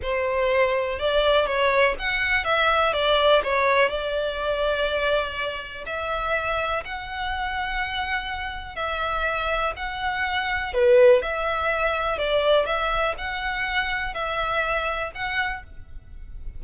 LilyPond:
\new Staff \with { instrumentName = "violin" } { \time 4/4 \tempo 4 = 123 c''2 d''4 cis''4 | fis''4 e''4 d''4 cis''4 | d''1 | e''2 fis''2~ |
fis''2 e''2 | fis''2 b'4 e''4~ | e''4 d''4 e''4 fis''4~ | fis''4 e''2 fis''4 | }